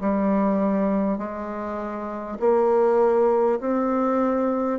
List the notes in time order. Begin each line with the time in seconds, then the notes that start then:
0.00 G3
1.18 G#3
2.39 A#3
3.60 C4